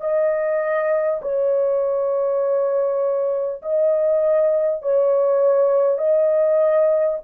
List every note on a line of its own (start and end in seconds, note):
0.00 1.20 D#5
1.21 3.61 C#5
3.62 4.82 D#5
4.82 5.98 C#5
5.98 7.18 D#5